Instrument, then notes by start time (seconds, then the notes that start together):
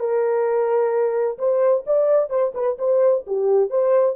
horn
0.00 A#4
1.39 C5
1.87 D5
2.30 C5
2.55 B4
2.79 C5
3.27 G4
3.70 C5